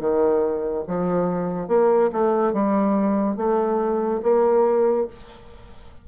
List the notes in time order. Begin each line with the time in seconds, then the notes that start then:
0.00 D#3
0.88 F3
1.68 A#3
2.12 A3
2.53 G3
3.37 A3
4.23 A#3